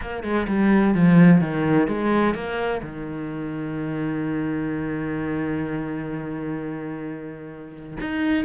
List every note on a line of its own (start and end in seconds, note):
0.01 0.23 A#3
0.23 0.46 G#3
0.47 0.94 G3
0.94 1.40 F3
1.40 1.87 D#3
1.87 2.34 G#3
2.34 2.81 A#3
2.82 7.97 D#3
8.00 8.44 D#4